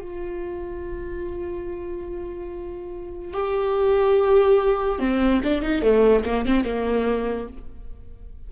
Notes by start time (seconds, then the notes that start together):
0.00 F4
3.33 G4
4.99 C4
5.43 D4
5.62 D#4
5.82 A3
6.25 A#3
6.45 C4
6.64 A#3